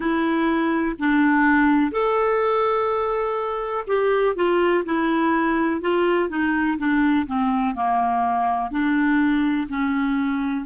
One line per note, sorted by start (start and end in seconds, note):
0.00 0.95 E4
0.99 1.91 D4
1.91 3.84 A4
3.87 4.35 G4
4.35 4.84 F4
4.85 5.81 E4
5.81 6.29 F4
6.29 6.77 D#4
6.77 7.26 D4
7.26 7.75 C4
7.75 8.71 A#3
8.71 9.67 D4
9.68 10.65 C#4